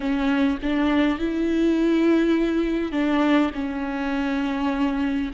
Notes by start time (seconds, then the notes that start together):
0.00 C#4
0.62 D4
1.18 E4
2.91 D4
3.54 C#4